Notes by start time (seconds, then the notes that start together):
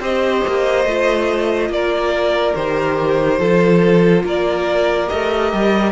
0.00 C4 G4 C5 D#5
0.47 A#3
0.85 A3 F4
1.69 A#3 A#4 D5
2.56 D#3 G4 C5
3.39 F3 F4 A4
4.24 A#3 A#4 D5
5.08 A3 G4 D#5
5.53 G3